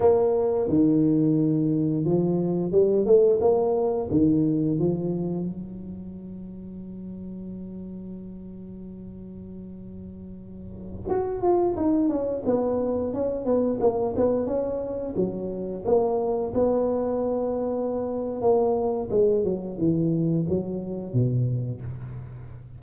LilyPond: \new Staff \with { instrumentName = "tuba" } { \time 4/4 \tempo 4 = 88 ais4 dis2 f4 | g8 a8 ais4 dis4 f4 | fis1~ | fis1~ |
fis16 fis'8 f'8 dis'8 cis'8 b4 cis'8 b16~ | b16 ais8 b8 cis'4 fis4 ais8.~ | ais16 b2~ b8. ais4 | gis8 fis8 e4 fis4 b,4 | }